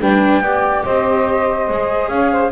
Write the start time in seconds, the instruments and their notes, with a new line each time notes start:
0.00 double bass G3, viola D4, saxophone B4, flute G5
0.40 double bass B3, viola G4, saxophone D5
0.84 double bass C4, saxophone C5, flute D#5
1.69 double bass G#3, viola G#4
2.08 double bass C#4, saxophone C#5, flute F5
2.31 saxophone C5